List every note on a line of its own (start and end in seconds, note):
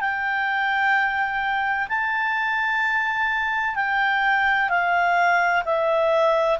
0.00 1.87 G5
1.89 3.75 A5
3.75 4.69 G5
4.69 5.63 F5
5.65 6.59 E5